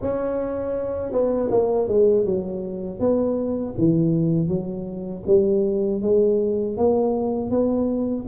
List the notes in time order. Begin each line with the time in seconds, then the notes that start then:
0.01 C#4
1.12 B3
1.50 A#3
1.88 G#3
2.25 F#3
2.99 B3
3.78 E3
4.48 F#3
5.26 G3
6.02 G#3
6.77 A#3
7.50 B3